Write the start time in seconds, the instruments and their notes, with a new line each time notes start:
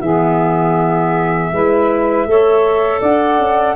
0.00 tuba E3, clarinet B3, saxophone G#4, flute E5
1.52 tuba G#3, clarinet E4, saxophone B4
2.25 tuba A3, clarinet A4, saxophone C#5
3.00 tuba D4, saxophone D5, flute F#5
3.38 tuba C#4